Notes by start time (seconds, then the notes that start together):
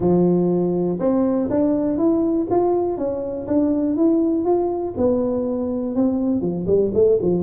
0.00 F3
0.99 C4
1.49 D4
1.97 E4
2.50 F4
2.97 C#4
3.47 D4
3.96 E4
4.44 F4
4.97 B3
5.95 C4
6.41 F3
6.66 G3
6.94 A3
7.21 F3